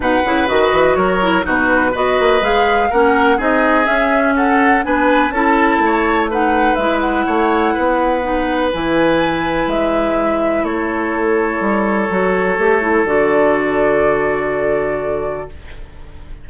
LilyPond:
<<
  \new Staff \with { instrumentName = "flute" } { \time 4/4 \tempo 4 = 124 fis''4 dis''4 cis''4 b'4 | dis''4 f''4 fis''4 dis''4 | e''4 fis''4 gis''4 a''4~ | a''4 fis''4 e''8 fis''4.~ |
fis''2 gis''2 | e''2 cis''2~ | cis''2. d''4~ | d''1 | }
  \new Staff \with { instrumentName = "oboe" } { \time 4/4 b'2 ais'4 fis'4 | b'2 ais'4 gis'4~ | gis'4 a'4 b'4 a'4 | cis''4 b'2 cis''4 |
b'1~ | b'2 a'2~ | a'1~ | a'1 | }
  \new Staff \with { instrumentName = "clarinet" } { \time 4/4 dis'8 e'8 fis'4. e'8 dis'4 | fis'4 gis'4 cis'4 dis'4 | cis'2 d'4 e'4~ | e'4 dis'4 e'2~ |
e'4 dis'4 e'2~ | e'1~ | e'4 fis'4 g'8 e'8 fis'4~ | fis'1 | }
  \new Staff \with { instrumentName = "bassoon" } { \time 4/4 b,8 cis8 dis8 e8 fis4 b,4 | b8 ais8 gis4 ais4 c'4 | cis'2 b4 cis'4 | a2 gis4 a4 |
b2 e2 | gis2 a2 | g4 fis4 a4 d4~ | d1 | }
>>